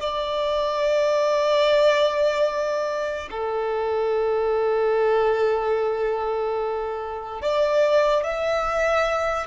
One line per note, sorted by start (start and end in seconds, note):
0.00 3.29 D5
3.31 7.41 A4
7.41 8.23 D5
8.23 9.47 E5